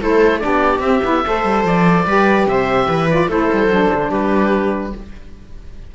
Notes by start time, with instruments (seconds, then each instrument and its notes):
0.00 cello A3, saxophone E4, viola A4, oboe C5
0.40 cello B3, saxophone D4, viola G4, oboe D5
0.79 cello C4, saxophone C4, oboe E5
1.04 cello B3, saxophone E4
1.26 cello A3, saxophone A4, viola C5
1.44 cello G3
1.64 cello F3, oboe D5
2.06 cello G3, saxophone G4, viola B4
2.46 cello C3, viola C5, oboe E5
2.88 cello E3, viola B4
3.10 saxophone F4, oboe D5
3.28 cello A3, saxophone E4, viola A4, oboe C5
3.52 cello G3
3.66 cello F#3, saxophone D4
3.93 cello D3
4.09 cello G3, viola G4, oboe B4